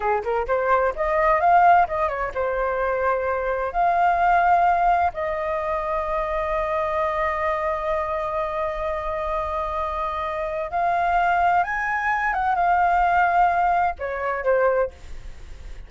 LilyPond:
\new Staff \with { instrumentName = "flute" } { \time 4/4 \tempo 4 = 129 gis'8 ais'8 c''4 dis''4 f''4 | dis''8 cis''8 c''2. | f''2. dis''4~ | dis''1~ |
dis''1~ | dis''2. f''4~ | f''4 gis''4. fis''8 f''4~ | f''2 cis''4 c''4 | }